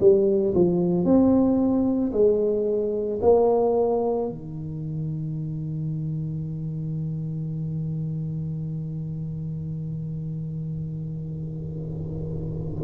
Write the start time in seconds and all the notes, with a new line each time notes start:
0.00 G3
0.55 F3
1.05 C4
2.12 G#3
3.21 A#3
4.29 D#3